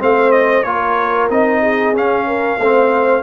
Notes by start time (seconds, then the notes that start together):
0.00 A3 C4 C5 F5
0.32 D#5
0.64 A#3 F4 A#4 C#5
1.30 C4 D#4 D#5
1.61 G#4
1.94 C#4 F5
2.28 A#4
2.59 A3 C4 C5